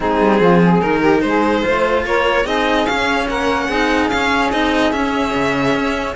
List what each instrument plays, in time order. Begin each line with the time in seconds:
0.00 cello G#3 C4, saxophone D#4, violin G#4
0.20 cello G3
0.40 cello F3, saxophone F4
0.62 saxophone G#4
0.80 cello D#3 D#4, violin A#4
1.00 saxophone G4
1.21 cello G#3, violin C5
1.27 saxophone G#4
1.63 cello A3 F4, saxophone C5
2.05 cello A#3, saxophone A#4, violin C#5
2.44 cello C4 D#4, saxophone G#4, violin D#5
2.86 cello C#4, violin F5
3.29 cello A#3, saxophone A#4, violin F#5
3.66 cello C4 D#4, saxophone G#4
4.08 cello C#4, violin F5
4.51 cello C4 D#4, violin D#5
4.92 cello C#4, violin E5
5.34 cello C#3
5.75 cello C#4